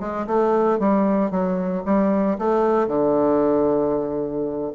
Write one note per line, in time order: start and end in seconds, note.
0.00 0.26 G#3
0.27 0.79 A3
0.79 1.31 G3
1.31 1.83 F#3
1.85 2.38 G3
2.38 2.88 A3
2.88 4.72 D3